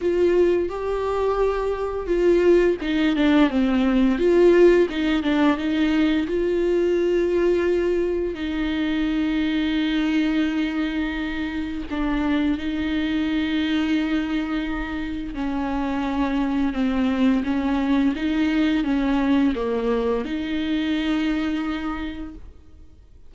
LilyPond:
\new Staff \with { instrumentName = "viola" } { \time 4/4 \tempo 4 = 86 f'4 g'2 f'4 | dis'8 d'8 c'4 f'4 dis'8 d'8 | dis'4 f'2. | dis'1~ |
dis'4 d'4 dis'2~ | dis'2 cis'2 | c'4 cis'4 dis'4 cis'4 | ais4 dis'2. | }